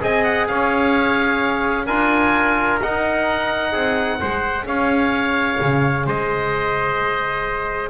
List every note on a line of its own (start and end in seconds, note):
0.00 0.48 C4
0.00 1.86 G#4
0.00 0.49 D#5
0.00 0.23 G#5
0.23 0.47 F#5
0.47 1.87 C#4
0.47 1.86 C#5
0.47 1.86 F5
1.86 2.80 D4
1.86 2.81 F4
1.86 3.72 A#4
1.86 2.79 G#5
2.82 3.74 D#4
2.82 4.20 D#4
2.82 4.66 F#5
3.72 4.20 C4
3.72 4.19 G#4
4.20 4.66 G#3
4.20 7.90 G#4
4.20 4.67 C5
4.66 5.59 C#4
4.66 6.06 C#5
4.66 6.06 F5
5.61 6.06 C#3
6.06 7.90 G#3
6.06 7.90 C5
6.06 7.90 D#5